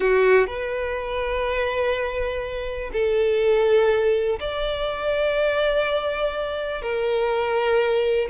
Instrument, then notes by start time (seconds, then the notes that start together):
violin
0.00 F#4
0.46 B4
2.92 A4
4.39 D5
6.82 A#4